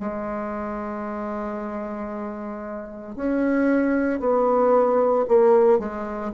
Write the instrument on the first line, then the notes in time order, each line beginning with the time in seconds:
bassoon
0.00 G#3
3.16 C#4
4.20 B3
5.29 A#3
5.79 G#3